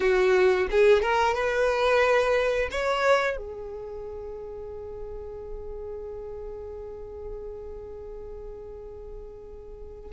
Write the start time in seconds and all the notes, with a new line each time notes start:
0.00 F#4
0.70 G#4
1.01 A#4
1.34 B4
2.71 C#5
3.36 G#4